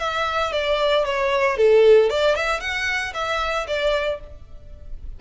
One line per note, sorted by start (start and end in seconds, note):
0.00 0.53 E5
0.53 1.06 D5
1.06 1.57 C#5
1.57 2.10 A4
2.10 2.36 D5
2.36 2.61 E5
2.61 3.13 F#5
3.14 3.67 E5
3.68 4.21 D5